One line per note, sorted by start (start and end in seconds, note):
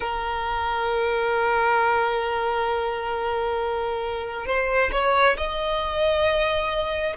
0.00 4.45 A#4
4.45 4.90 C5
4.92 5.36 C#5
5.37 7.16 D#5